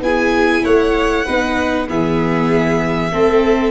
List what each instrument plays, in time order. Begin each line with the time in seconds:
0.00 tuba B3, viola E4, violin G#4 G#5
0.65 tuba A3, violin C#5 F#5
1.26 tuba B3, viola D#4, violin B4
1.88 tuba E3, viola B3, violin G#4 E5
3.12 tuba A3, viola C4, violin A4